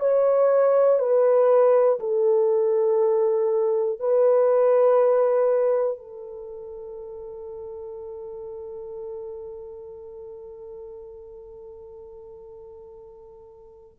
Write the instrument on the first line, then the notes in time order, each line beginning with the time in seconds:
horn
0.00 C#5
0.99 B4
2.00 A4
3.99 B4
5.98 A4